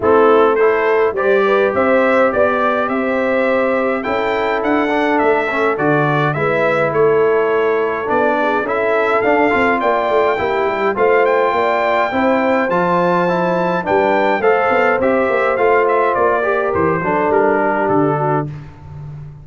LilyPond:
<<
  \new Staff \with { instrumentName = "trumpet" } { \time 4/4 \tempo 4 = 104 a'4 c''4 d''4 e''4 | d''4 e''2 g''4 | fis''4 e''4 d''4 e''4 | cis''2 d''4 e''4 |
f''4 g''2 f''8 g''8~ | g''2 a''2 | g''4 f''4 e''4 f''8 e''8 | d''4 c''4 ais'4 a'4 | }
  \new Staff \with { instrumentName = "horn" } { \time 4/4 e'4 a'4 c''8 b'8 c''4 | d''4 c''2 a'4~ | a'2. b'4 | a'2~ a'8 gis'8 a'4~ |
a'4 d''4 g'4 c''4 | d''4 c''2. | b'4 c''2.~ | c''8 ais'4 a'4 g'4 fis'8 | }
  \new Staff \with { instrumentName = "trombone" } { \time 4/4 c'4 e'4 g'2~ | g'2. e'4~ | e'8 d'4 cis'8 fis'4 e'4~ | e'2 d'4 e'4 |
d'8 f'4. e'4 f'4~ | f'4 e'4 f'4 e'4 | d'4 a'4 g'4 f'4~ | f'8 g'4 d'2~ d'8 | }
  \new Staff \with { instrumentName = "tuba" } { \time 4/4 a2 g4 c'4 | b4 c'2 cis'4 | d'4 a4 d4 gis4 | a2 b4 cis'4 |
d'8 c'8 ais8 a8 ais8 g8 a4 | ais4 c'4 f2 | g4 a8 b8 c'8 ais8 a4 | ais4 e8 fis8 g4 d4 | }
>>